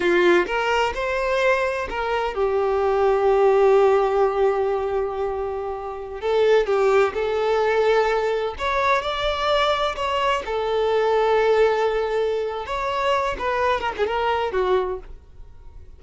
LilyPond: \new Staff \with { instrumentName = "violin" } { \time 4/4 \tempo 4 = 128 f'4 ais'4 c''2 | ais'4 g'2.~ | g'1~ | g'4~ g'16 a'4 g'4 a'8.~ |
a'2~ a'16 cis''4 d''8.~ | d''4~ d''16 cis''4 a'4.~ a'16~ | a'2. cis''4~ | cis''8 b'4 ais'16 gis'16 ais'4 fis'4 | }